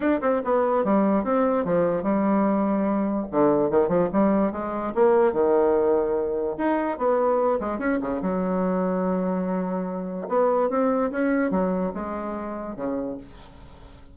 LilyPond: \new Staff \with { instrumentName = "bassoon" } { \time 4/4 \tempo 4 = 146 d'8 c'8 b4 g4 c'4 | f4 g2. | d4 dis8 f8 g4 gis4 | ais4 dis2. |
dis'4 b4. gis8 cis'8 cis8 | fis1~ | fis4 b4 c'4 cis'4 | fis4 gis2 cis4 | }